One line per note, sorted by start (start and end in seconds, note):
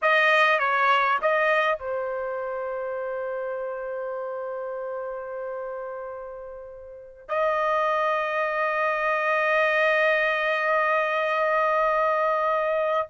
0.01 0.59 D#5
0.59 1.18 C#5
1.21 1.78 D#5
1.78 7.28 C5
7.28 13.07 D#5